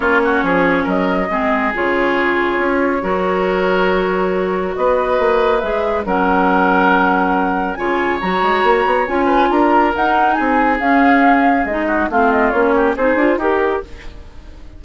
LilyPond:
<<
  \new Staff \with { instrumentName = "flute" } { \time 4/4 \tempo 4 = 139 cis''2 dis''2 | cis''1~ | cis''2. dis''4~ | dis''4 e''4 fis''2~ |
fis''2 gis''4 ais''4~ | ais''4 gis''4 ais''4 fis''4 | gis''4 f''2 dis''4 | f''8 dis''8 cis''4 c''4 ais'4 | }
  \new Staff \with { instrumentName = "oboe" } { \time 4/4 f'8 fis'8 gis'4 ais'4 gis'4~ | gis'2. ais'4~ | ais'2. b'4~ | b'2 ais'2~ |
ais'2 cis''2~ | cis''4. b'8 ais'2 | gis'2.~ gis'8 fis'8 | f'4. g'8 gis'4 g'4 | }
  \new Staff \with { instrumentName = "clarinet" } { \time 4/4 cis'2. c'4 | f'2. fis'4~ | fis'1~ | fis'4 gis'4 cis'2~ |
cis'2 f'4 fis'4~ | fis'4 f'2 dis'4~ | dis'4 cis'2 dis'4 | c'4 cis'4 dis'8 f'8 g'4 | }
  \new Staff \with { instrumentName = "bassoon" } { \time 4/4 ais4 f4 fis4 gis4 | cis2 cis'4 fis4~ | fis2. b4 | ais4 gis4 fis2~ |
fis2 cis4 fis8 gis8 | ais8 b8 cis'4 d'4 dis'4 | c'4 cis'2 gis4 | a4 ais4 c'8 d'8 dis'4 | }
>>